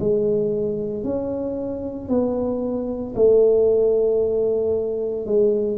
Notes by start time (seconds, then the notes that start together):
0.00 G#3
1.04 C#4
2.09 B3
3.16 A3
5.26 G#3